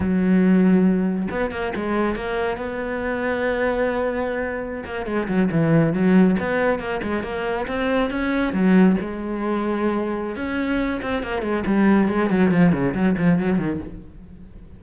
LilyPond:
\new Staff \with { instrumentName = "cello" } { \time 4/4 \tempo 4 = 139 fis2. b8 ais8 | gis4 ais4 b2~ | b2.~ b16 ais8 gis16~ | gis16 fis8 e4 fis4 b4 ais16~ |
ais16 gis8 ais4 c'4 cis'4 fis16~ | fis8. gis2.~ gis16 | cis'4. c'8 ais8 gis8 g4 | gis8 fis8 f8 cis8 fis8 f8 fis8 dis8 | }